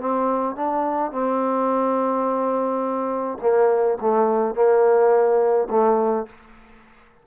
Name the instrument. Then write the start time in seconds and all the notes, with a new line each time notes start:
trombone
0.00 C4
0.56 D4
1.11 C4
3.41 A#3
4.01 A3
4.55 A#3
5.70 A3